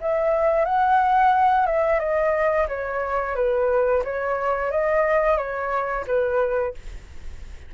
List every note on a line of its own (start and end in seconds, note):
0.00 0.65 E5
0.65 1.66 F#5
1.66 1.99 E5
1.99 2.67 D#5
2.68 3.35 C#5
3.35 4.03 B4
4.04 4.71 C#5
4.71 5.37 D#5
5.37 6.05 C#5
6.06 6.74 B4